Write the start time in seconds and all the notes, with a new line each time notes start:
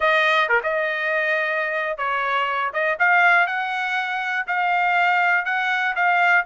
0.00 D#5
0.48 A#4
0.63 D#5
1.97 C#5
2.73 D#5
2.99 F5
3.46 F#5
4.47 F5
5.45 F#5
5.95 F5